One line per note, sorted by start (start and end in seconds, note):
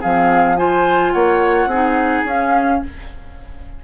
0.00 1.14 F3
0.00 0.57 C4
0.00 0.56 G#4
0.00 0.57 F5
0.57 1.69 F4
0.57 1.13 C5
0.57 1.12 G#5
1.12 1.66 A#3
1.12 1.69 C#5
1.12 2.25 F#5
1.66 2.22 C4
1.66 2.28 D#4
1.66 2.81 G#4
2.25 2.81 C#4
2.25 2.84 C#4
2.25 2.84 F5